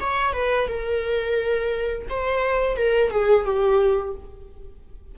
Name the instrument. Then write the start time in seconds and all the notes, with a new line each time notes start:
viola
0.00 C#5
0.33 B4
0.68 A#4
2.09 C5
2.77 A#4
3.10 G#4
3.45 G4